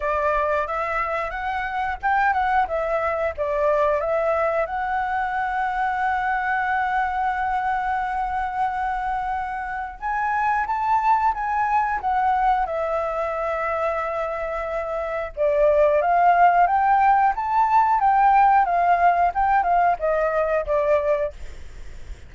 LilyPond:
\new Staff \with { instrumentName = "flute" } { \time 4/4 \tempo 4 = 90 d''4 e''4 fis''4 g''8 fis''8 | e''4 d''4 e''4 fis''4~ | fis''1~ | fis''2. gis''4 |
a''4 gis''4 fis''4 e''4~ | e''2. d''4 | f''4 g''4 a''4 g''4 | f''4 g''8 f''8 dis''4 d''4 | }